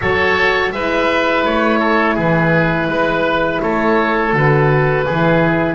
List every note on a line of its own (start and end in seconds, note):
0.01 0.71 F#3
0.01 0.73 F#4
0.01 0.73 A4
0.01 0.72 C#5
0.71 1.43 G#3
0.71 4.33 E4
0.71 1.79 B4
0.71 1.44 E5
1.44 2.17 A3
1.44 2.17 C#5
1.79 2.14 A4
2.14 2.88 E3
2.14 2.87 G#4
2.14 3.61 B4
2.88 3.60 G#3
2.88 3.61 B4
3.61 4.32 A3
3.61 5.05 A4
3.61 4.34 C#5
4.32 5.05 D3
4.32 5.05 F#4
4.32 5.75 B4
5.05 5.75 E3
5.05 5.75 E4
5.05 5.75 G#4